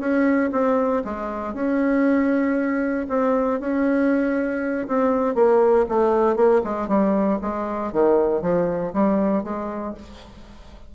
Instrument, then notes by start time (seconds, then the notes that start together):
bassoon
0.00 C#4
0.52 C4
1.04 G#3
1.54 C#4
3.09 C4
3.60 C#4
4.88 C4
5.35 A#3
5.89 A3
6.36 A#3
6.64 G#3
6.88 G3
7.42 G#3
7.93 D#3
8.42 F3
8.94 G3
9.44 G#3